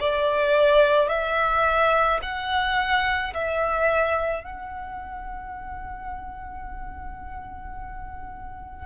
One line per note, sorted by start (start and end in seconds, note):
0.00 1.09 D5
1.09 2.20 E5
2.23 3.34 F#5
3.34 4.44 E5
4.44 8.86 F#5